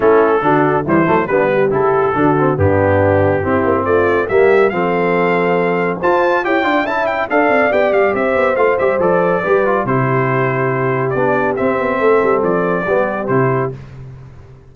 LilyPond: <<
  \new Staff \with { instrumentName = "trumpet" } { \time 4/4 \tempo 4 = 140 a'2 c''4 b'4 | a'2 g'2~ | g'4 d''4 e''4 f''4~ | f''2 a''4 g''4 |
a''8 g''8 f''4 g''8 f''8 e''4 | f''8 e''8 d''2 c''4~ | c''2 d''4 e''4~ | e''4 d''2 c''4 | }
  \new Staff \with { instrumentName = "horn" } { \time 4/4 e'4 fis'4 e'4 d'8 g'8~ | g'4 fis'4 d'2 | e'4 f'4 g'4 a'4~ | a'2 c''4 cis''8 d''8 |
e''4 d''2 c''4~ | c''2 b'4 g'4~ | g'1 | a'2 g'2 | }
  \new Staff \with { instrumentName = "trombone" } { \time 4/4 cis'4 d'4 g8 a8 b4 | e'4 d'8 c'8 b2 | c'2 ais4 c'4~ | c'2 f'4 g'8 f'8 |
e'4 a'4 g'2 | f'8 g'8 a'4 g'8 f'8 e'4~ | e'2 d'4 c'4~ | c'2 b4 e'4 | }
  \new Staff \with { instrumentName = "tuba" } { \time 4/4 a4 d4 e8 fis8 g4 | cis4 d4 g,2 | c'8 ais8 a4 g4 f4~ | f2 f'4 e'8 d'8 |
cis'4 d'8 c'8 b8 g8 c'8 b8 | a8 g8 f4 g4 c4~ | c2 b4 c'8 b8 | a8 g8 f4 g4 c4 | }
>>